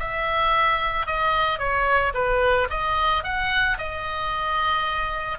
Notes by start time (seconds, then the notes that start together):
0.00 E5
1.07 D#5
1.59 C#5
2.14 B4
2.70 D#5
3.24 F#5
3.78 D#5